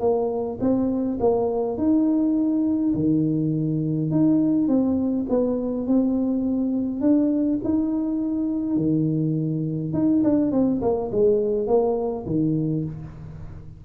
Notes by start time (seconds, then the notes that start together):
0.00 A#3
0.60 C4
1.20 A#3
1.77 D#4
2.94 D#3
4.11 D#4
4.68 C4
5.29 B3
5.87 C4
7.01 D4
7.64 D#4
8.77 D#3
9.93 D#4
10.24 D4
10.52 C4
10.81 A#3
11.12 G#3
11.67 A#3
12.26 D#3